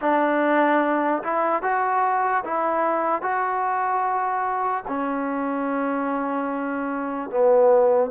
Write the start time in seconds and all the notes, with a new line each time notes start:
0.01 D4
1.23 E4
1.62 F#4
2.44 E4
3.22 F#4
4.87 C#4
7.30 B3